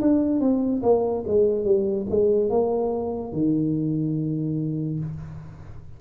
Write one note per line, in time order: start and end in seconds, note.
0.00 0.40 D4
0.40 0.81 C4
0.82 1.24 A#3
1.27 1.64 G#3
1.64 2.06 G3
2.09 2.49 G#3
2.49 3.32 A#3
3.32 4.99 D#3